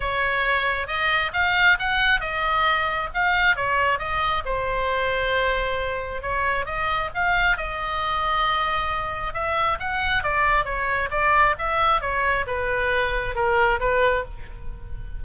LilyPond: \new Staff \with { instrumentName = "oboe" } { \time 4/4 \tempo 4 = 135 cis''2 dis''4 f''4 | fis''4 dis''2 f''4 | cis''4 dis''4 c''2~ | c''2 cis''4 dis''4 |
f''4 dis''2.~ | dis''4 e''4 fis''4 d''4 | cis''4 d''4 e''4 cis''4 | b'2 ais'4 b'4 | }